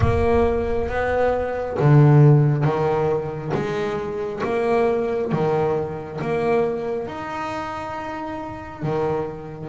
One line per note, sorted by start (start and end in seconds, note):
0.00 0.88 A#3
0.88 1.76 B3
1.79 2.64 D3
2.64 3.52 D#3
3.53 4.42 G#3
4.43 5.31 A#3
5.31 6.20 D#3
6.21 7.07 A#3
7.07 8.82 D#4
8.82 9.69 D#3